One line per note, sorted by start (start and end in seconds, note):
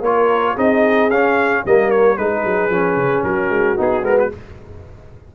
0.00 0.54 A#3
0.00 0.56 F4
0.00 0.54 A#4
0.00 0.57 C#5
0.54 1.09 C4
0.54 1.10 D#4
0.54 1.61 G#4
0.54 1.10 D#5
1.09 1.63 C#4
1.09 1.65 C#4
1.09 1.64 F5
1.65 2.18 G3
1.65 2.17 A#3
1.65 2.20 A#4
1.65 1.90 D#5
1.90 2.17 C#5
2.17 2.44 G#3
2.17 2.70 D#4
2.17 3.27 G#4
2.17 3.24 B4
2.44 2.69 F#3
2.69 2.96 F3
2.69 3.76 C#4
2.96 3.23 C#3
3.23 3.49 F#3
3.23 4.34 F#4
3.23 3.77 A#4
3.49 3.76 G#3
3.76 4.02 B3
3.76 4.02 D#4
3.76 4.04 G#4
4.02 4.29 G#3
4.02 4.29 B3
4.02 4.18 A#4
4.18 4.31 B4